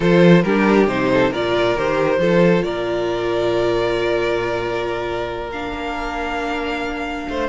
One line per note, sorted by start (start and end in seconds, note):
0.00 0.44 F3
0.00 0.44 F4
0.00 0.43 A4
0.00 0.42 C5
0.42 0.86 G3
0.42 0.88 D4
0.42 1.11 G4
0.42 0.86 A#4
0.86 1.30 C3
0.86 1.32 D#4
0.86 1.32 C5
1.12 1.31 A4
1.31 1.76 A#2
1.31 1.77 F4
1.31 2.19 A#4
1.31 1.78 D5
1.76 2.18 D#3
1.76 2.19 G4
1.76 2.63 C5
2.18 2.62 F3
2.18 5.50 F4
2.18 2.64 A4
2.63 5.72 A#2
2.63 7.28 A#4
2.63 5.50 D5
5.52 7.48 D4
5.52 7.48 F5
5.72 7.26 A#3
7.29 7.48 A3
7.29 7.48 C5